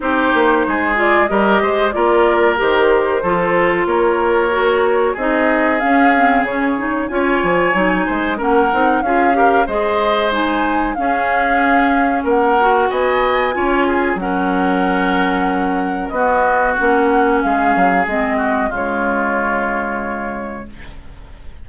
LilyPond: <<
  \new Staff \with { instrumentName = "flute" } { \time 4/4 \tempo 4 = 93 c''4. d''8 dis''4 d''4 | c''2 cis''2 | dis''4 f''4 cis''4 gis''4~ | gis''4 fis''4 f''4 dis''4 |
gis''4 f''2 fis''4 | gis''2 fis''2~ | fis''4 dis''4 fis''4 f''4 | dis''4 cis''2. | }
  \new Staff \with { instrumentName = "oboe" } { \time 4/4 g'4 gis'4 ais'8 c''8 ais'4~ | ais'4 a'4 ais'2 | gis'2. cis''4~ | cis''8 c''8 ais'4 gis'8 ais'8 c''4~ |
c''4 gis'2 ais'4 | dis''4 cis''8 gis'8 ais'2~ | ais'4 fis'2 gis'4~ | gis'8 fis'8 f'2. | }
  \new Staff \with { instrumentName = "clarinet" } { \time 4/4 dis'4. f'8 g'4 f'4 | g'4 f'2 fis'4 | dis'4 cis'8 c'8 cis'8 dis'8 f'4 | dis'4 cis'8 dis'8 f'8 g'8 gis'4 |
dis'4 cis'2~ cis'8 fis'8~ | fis'4 f'4 cis'2~ | cis'4 b4 cis'2 | c'4 gis2. | }
  \new Staff \with { instrumentName = "bassoon" } { \time 4/4 c'8 ais8 gis4 g8 gis8 ais4 | dis4 f4 ais2 | c'4 cis'4 cis4 cis'8 f8 | fis8 gis8 ais8 c'8 cis'4 gis4~ |
gis4 cis'2 ais4 | b4 cis'4 fis2~ | fis4 b4 ais4 gis8 fis8 | gis4 cis2. | }
>>